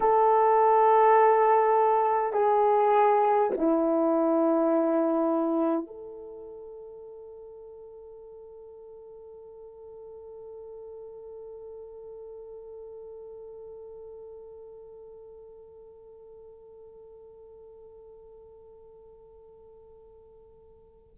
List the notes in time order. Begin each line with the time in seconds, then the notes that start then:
0.00 A4
2.33 G#4
3.57 E4
5.86 A4